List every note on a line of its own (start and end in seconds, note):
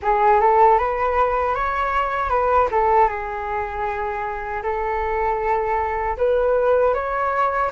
0.02 0.40 G#4
0.40 0.78 A4
0.78 1.54 B4
1.54 2.29 C#5
2.29 2.68 B4
2.71 3.08 A4
3.08 4.62 G#4
4.63 6.16 A4
6.17 6.94 B4
6.94 7.71 C#5